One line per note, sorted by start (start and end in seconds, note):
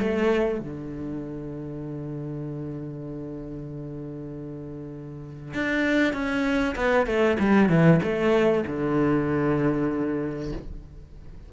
0.00 0.60 A3
0.60 5.54 D3
5.54 6.13 D4
6.13 6.75 C#4
6.76 7.07 B3
7.07 7.37 A3
7.39 7.70 G3
7.70 8.00 E3
8.03 8.65 A3
8.67 10.53 D3